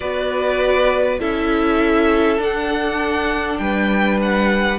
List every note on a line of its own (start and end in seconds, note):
0.00 1.20 B3
0.00 1.19 F#4
0.00 1.20 B4
0.00 1.19 D5
1.19 2.38 C#4
1.19 2.39 E4
1.19 3.60 A4
1.19 2.40 E5
2.38 3.58 D4
2.38 4.79 D4
2.38 3.58 F#5
3.58 4.78 G3
3.58 4.79 B4
3.58 4.18 G5
4.21 4.79 F#5